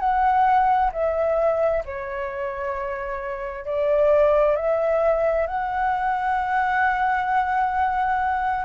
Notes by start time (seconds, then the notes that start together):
0.00 F#5
0.93 E5
1.85 C#5
3.65 D5
4.56 E5
5.47 F#5